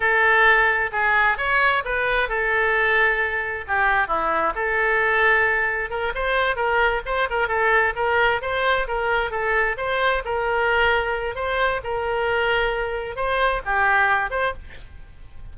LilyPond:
\new Staff \with { instrumentName = "oboe" } { \time 4/4 \tempo 4 = 132 a'2 gis'4 cis''4 | b'4 a'2. | g'4 e'4 a'2~ | a'4 ais'8 c''4 ais'4 c''8 |
ais'8 a'4 ais'4 c''4 ais'8~ | ais'8 a'4 c''4 ais'4.~ | ais'4 c''4 ais'2~ | ais'4 c''4 g'4. c''8 | }